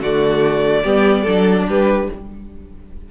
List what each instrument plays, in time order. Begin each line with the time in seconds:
0.00 cello D3, viola A3, violin F#4 D5
0.84 cello G3, viola B3, violin G4
1.23 cello F#3, viola D4, violin A4
1.68 cello G3, violin G4 B4